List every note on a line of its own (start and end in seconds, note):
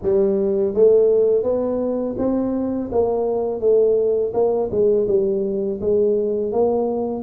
0.02 0.74 G3
0.74 1.43 A3
1.43 2.15 B3
2.18 2.90 C4
2.91 3.60 A#3
3.60 4.32 A3
4.33 4.69 A#3
4.71 5.07 G#3
5.07 5.80 G3
5.80 6.52 G#3
6.52 7.23 A#3